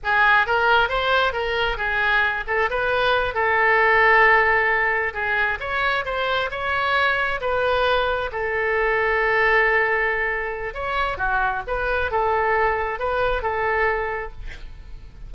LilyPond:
\new Staff \with { instrumentName = "oboe" } { \time 4/4 \tempo 4 = 134 gis'4 ais'4 c''4 ais'4 | gis'4. a'8 b'4. a'8~ | a'2.~ a'8 gis'8~ | gis'8 cis''4 c''4 cis''4.~ |
cis''8 b'2 a'4.~ | a'1 | cis''4 fis'4 b'4 a'4~ | a'4 b'4 a'2 | }